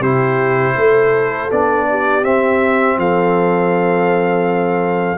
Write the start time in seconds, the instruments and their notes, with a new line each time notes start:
0.00 tuba C3, trombone E4, horn G4, trumpet C5
0.76 tuba A3, horn A4
1.51 tuba B3, trombone D4, trumpet D5
1.90 horn G4
2.23 trombone C4, tuba C4, trumpet E5
2.98 tuba F3, horn A4, trumpet F5